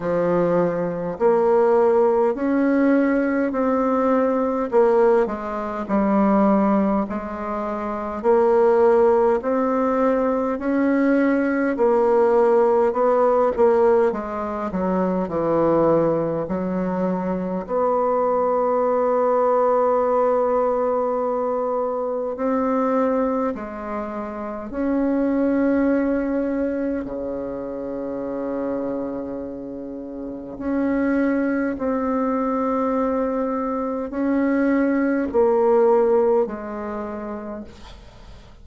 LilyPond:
\new Staff \with { instrumentName = "bassoon" } { \time 4/4 \tempo 4 = 51 f4 ais4 cis'4 c'4 | ais8 gis8 g4 gis4 ais4 | c'4 cis'4 ais4 b8 ais8 | gis8 fis8 e4 fis4 b4~ |
b2. c'4 | gis4 cis'2 cis4~ | cis2 cis'4 c'4~ | c'4 cis'4 ais4 gis4 | }